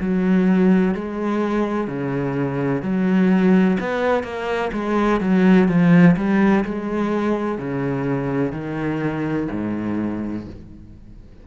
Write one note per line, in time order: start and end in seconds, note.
0.00 0.94 F#3
0.94 1.87 G#3
1.87 2.82 C#3
2.82 3.77 F#3
3.79 4.23 B3
4.23 4.71 A#3
4.72 5.20 G#3
5.20 5.68 F#3
5.68 6.15 F3
6.16 6.64 G3
6.64 7.58 G#3
7.58 8.52 C#3
8.52 9.47 D#3
9.51 10.46 G#2